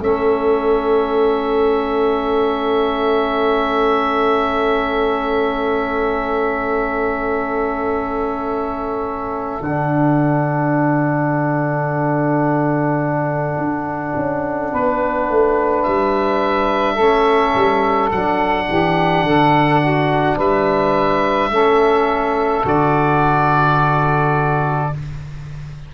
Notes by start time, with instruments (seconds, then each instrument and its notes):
0.00 tuba A3, trombone C#4, saxophone A4, oboe E5
9.61 tuba D3, oboe F#5
9.67 trombone D4
13.58 tuba D4
14.17 tuba C#4
14.73 tuba B3, saxophone B4
15.29 tuba A3
15.83 tuba G3, oboe E5
16.94 tuba A3, trombone C#4, saxophone A4
17.55 tuba G3
18.12 tuba F#3, trombone D4, oboe F#5
18.70 tuba E3, saxophone G4
19.23 tuba D3, saxophone A4
19.81 saxophone F#4
20.37 tuba G3, saxophone B4, oboe E5
21.51 tuba A3, trombone C#4, saxophone A4
22.65 tuba D3, trombone F#4, oboe D5